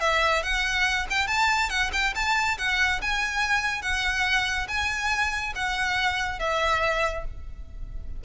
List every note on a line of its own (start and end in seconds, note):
0.00 0.43 E5
0.43 1.06 F#5
1.10 1.27 G5
1.27 1.69 A5
1.69 1.91 F#5
1.92 2.14 G5
2.15 2.58 A5
2.58 3.01 F#5
3.01 3.82 G#5
3.82 4.67 F#5
4.68 5.53 G#5
5.55 6.39 F#5
6.39 7.24 E5